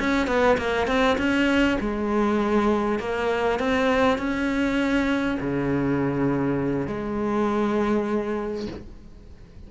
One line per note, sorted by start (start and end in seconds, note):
0.00 0.28 C#4
0.28 0.58 B3
0.58 0.87 A#3
0.87 1.17 C4
1.18 1.78 C#4
1.81 2.99 G#3
2.99 3.59 A#3
3.59 4.18 C4
4.18 5.38 C#4
5.41 6.87 C#3
6.87 8.67 G#3